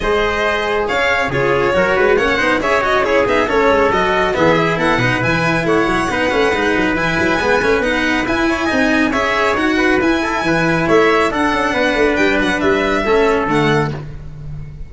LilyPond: <<
  \new Staff \with { instrumentName = "violin" } { \time 4/4 \tempo 4 = 138 dis''2 f''4 cis''4~ | cis''4 fis''4 e''8 dis''8 cis''8 e''8 | cis''4 dis''4 e''4 fis''4 | gis''4 fis''2. |
gis''2 fis''4 gis''4~ | gis''4 e''4 fis''4 gis''4~ | gis''4 e''4 fis''2 | g''8 fis''8 e''2 fis''4 | }
  \new Staff \with { instrumentName = "trumpet" } { \time 4/4 c''2 cis''4 gis'4 | ais'8 b'8 cis''8 c''8 cis''4 gis'4 | a'2 gis'4 a'8 b'8~ | b'4 cis''4 b'2~ |
b'2.~ b'8 cis''8 | dis''4 cis''4. b'4 a'8 | b'4 cis''4 a'4 b'4~ | b'2 a'2 | }
  \new Staff \with { instrumentName = "cello" } { \time 4/4 gis'2. f'4 | fis'4 cis'8 dis'8 gis'8 fis'8 e'8 dis'8 | cis'4 fis'4 b8 e'4 dis'8 | e'2 dis'8 cis'8 dis'4 |
e'4 b8 cis'8 dis'4 e'4 | dis'4 gis'4 fis'4 e'4~ | e'2 d'2~ | d'2 cis'4 a4 | }
  \new Staff \with { instrumentName = "tuba" } { \time 4/4 gis2 cis'4 cis4 | fis8 gis8 ais8 b8 cis'4. b8 | a8 gis8 fis4 e4 b8 b,8 | e4 a8 fis8 b8 a8 gis8 fis8 |
e8 fis8 gis8 a8 b4 e'4 | c'4 cis'4 dis'4 e'4 | e4 a4 d'8 cis'8 b8 a8 | g8 fis8 g4 a4 d4 | }
>>